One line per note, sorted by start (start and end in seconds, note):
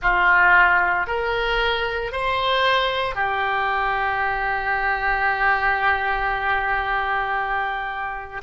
0.01 1.06 F4
1.06 2.11 A#4
2.11 3.15 C5
3.15 8.41 G4